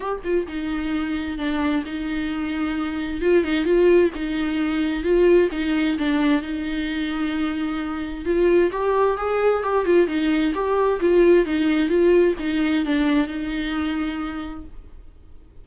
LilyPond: \new Staff \with { instrumentName = "viola" } { \time 4/4 \tempo 4 = 131 g'8 f'8 dis'2 d'4 | dis'2. f'8 dis'8 | f'4 dis'2 f'4 | dis'4 d'4 dis'2~ |
dis'2 f'4 g'4 | gis'4 g'8 f'8 dis'4 g'4 | f'4 dis'4 f'4 dis'4 | d'4 dis'2. | }